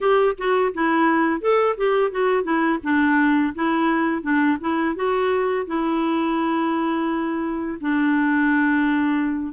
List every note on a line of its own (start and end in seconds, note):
0.00 0.36 G4
0.38 0.73 F#4
0.74 1.41 E4
1.41 1.76 A4
1.77 2.11 G4
2.11 2.43 F#4
2.43 2.79 E4
2.83 3.54 D4
3.54 4.22 E4
4.22 4.57 D4
4.60 4.95 E4
4.95 5.66 F#4
5.66 7.78 E4
7.80 9.53 D4